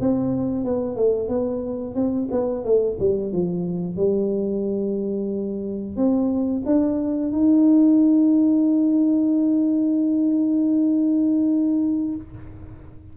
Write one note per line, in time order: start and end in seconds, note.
0.00 0.64 C4
0.64 0.95 B3
0.95 1.28 A3
1.28 1.95 B3
1.95 2.28 C4
2.31 2.64 B3
2.64 2.97 A3
2.99 3.32 G3
3.32 3.96 F3
3.96 5.96 G3
5.96 6.62 C4
6.65 7.32 D4
7.32 12.15 D#4